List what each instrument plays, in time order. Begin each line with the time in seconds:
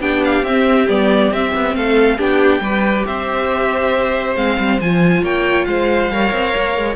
0.00 cello B3, viola D4, violin G4 G5
0.24 violin F5
0.43 cello C4, viola C4, violin E5
0.88 cello G3, viola B3, violin D5
1.31 cello C4, viola C4, violin E5
1.54 cello B3
1.75 cello A3, violin A4 F5
2.17 cello B3, viola D4, violin G4 G5
2.60 cello G3, viola G4, violin B4
3.06 cello C4, violin C5 E5
4.36 cello G#3, viola C4, violin F5
4.58 cello G3
4.81 cello F3, viola F4, violin G#5
5.22 cello A#3, violin C#5 G5
5.65 cello G#3, violin C5 F5
6.09 cello G3, viola A#4, violin C#5
6.32 cello C4
6.56 cello A#3
6.77 cello G#3